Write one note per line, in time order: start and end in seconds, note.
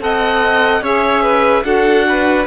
0.00 0.82 C4
0.00 0.82 A4
0.00 0.83 D#5
0.00 0.85 F#5
0.82 1.64 C#4
0.82 1.63 G#4
0.82 1.23 C#5
0.82 1.65 E5
1.23 1.64 B4
1.63 2.47 D4
1.63 2.45 F#4
1.63 2.07 A4
1.63 2.47 F#5
2.09 2.47 B4